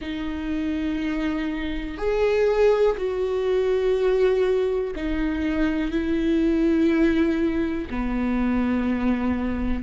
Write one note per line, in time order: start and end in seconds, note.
0.00 1.97 D#4
1.97 2.96 G#4
2.97 4.94 F#4
4.95 5.91 D#4
5.91 7.88 E4
7.90 9.83 B3